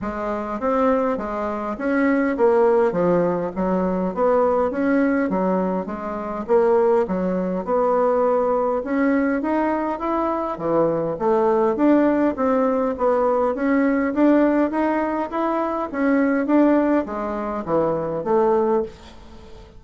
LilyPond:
\new Staff \with { instrumentName = "bassoon" } { \time 4/4 \tempo 4 = 102 gis4 c'4 gis4 cis'4 | ais4 f4 fis4 b4 | cis'4 fis4 gis4 ais4 | fis4 b2 cis'4 |
dis'4 e'4 e4 a4 | d'4 c'4 b4 cis'4 | d'4 dis'4 e'4 cis'4 | d'4 gis4 e4 a4 | }